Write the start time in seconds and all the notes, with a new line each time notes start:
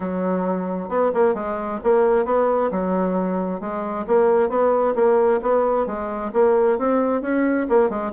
0.00 F#3
0.88 B3
1.14 A#3
1.34 G#3
1.83 A#3
2.25 B3
2.71 F#3
3.60 G#3
4.07 A#3
4.49 B3
4.95 A#3
5.42 B3
5.86 G#3
6.33 A#3
6.78 C4
7.21 C#4
7.69 A#3
7.89 G#3